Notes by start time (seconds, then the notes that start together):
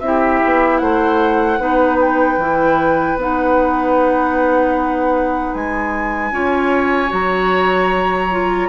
0.00 C4 E4 G4 E5
0.44 B3
0.78 A3 C5 F#5
1.59 B3 D#4 B4
2.00 G5
2.37 E3 E4
3.16 B3 D#4 F#5
5.54 G#3 G#5
6.31 C#4 F4 C#5
7.08 F#3 F#4 A#5
8.31 F4